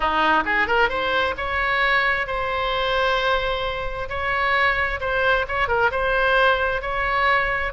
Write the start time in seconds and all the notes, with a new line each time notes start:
0.00 D#4
0.45 G#4
0.67 A#4
0.89 C5
1.37 C#5
2.26 C5
4.09 C#5
5.00 C5
5.48 C#5
5.68 A#4
5.91 C5
6.81 C#5